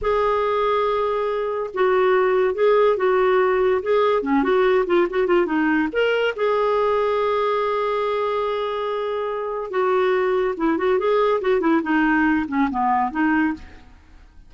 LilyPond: \new Staff \with { instrumentName = "clarinet" } { \time 4/4 \tempo 4 = 142 gis'1 | fis'2 gis'4 fis'4~ | fis'4 gis'4 cis'8 fis'4 f'8 | fis'8 f'8 dis'4 ais'4 gis'4~ |
gis'1~ | gis'2. fis'4~ | fis'4 e'8 fis'8 gis'4 fis'8 e'8 | dis'4. cis'8 b4 dis'4 | }